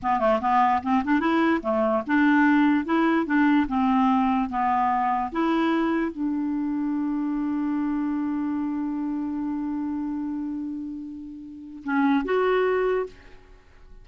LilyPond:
\new Staff \with { instrumentName = "clarinet" } { \time 4/4 \tempo 4 = 147 b8 a8 b4 c'8 d'8 e'4 | a4 d'2 e'4 | d'4 c'2 b4~ | b4 e'2 d'4~ |
d'1~ | d'1~ | d'1~ | d'4 cis'4 fis'2 | }